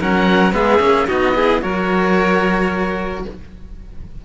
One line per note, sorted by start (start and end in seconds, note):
0.00 0.53 F#3
0.00 0.53 C#4
0.00 0.54 A#4
0.00 0.54 F#5
0.53 0.80 G#3
0.53 0.80 B3
0.53 1.08 G#4
0.53 1.08 E5
0.80 1.07 A#3
0.80 1.07 C#4
1.07 1.63 B3
1.07 1.34 D#4
1.07 1.35 F#4
1.07 1.62 D#5
1.35 1.62 E4
1.35 1.62 G#4
1.62 3.25 F#3
1.62 3.24 F#4
1.62 3.25 A#4
1.62 3.24 C#5